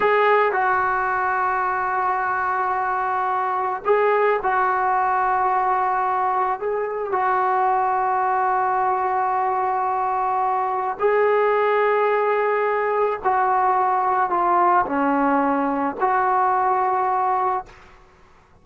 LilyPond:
\new Staff \with { instrumentName = "trombone" } { \time 4/4 \tempo 4 = 109 gis'4 fis'2.~ | fis'2. gis'4 | fis'1 | gis'4 fis'2.~ |
fis'1 | gis'1 | fis'2 f'4 cis'4~ | cis'4 fis'2. | }